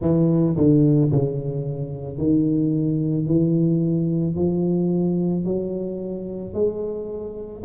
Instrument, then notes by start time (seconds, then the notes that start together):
tuba
0.01 E3
0.57 D3
1.11 C#3
2.18 D#3
3.27 E3
4.35 F3
5.44 F#3
6.53 G#3